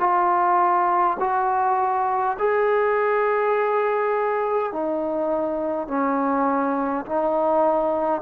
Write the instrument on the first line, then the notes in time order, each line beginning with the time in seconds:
trombone
0.00 F4
1.20 F#4
2.39 G#4
4.73 D#4
5.88 C#4
7.06 D#4